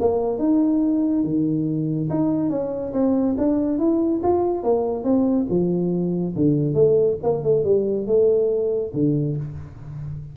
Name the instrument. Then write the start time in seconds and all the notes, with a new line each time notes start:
tuba
0.00 A#3
0.39 D#4
1.24 D#3
2.10 D#4
2.50 C#4
2.93 C4
3.38 D4
3.79 E4
4.23 F4
4.63 A#3
5.04 C4
5.49 F3
6.36 D3
6.74 A3
7.23 A#3
7.44 A3
7.64 G3
8.07 A3
8.94 D3